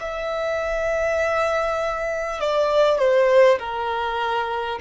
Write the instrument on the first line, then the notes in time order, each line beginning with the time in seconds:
violin
0.00 E5
2.40 D5
2.99 C5
3.59 A#4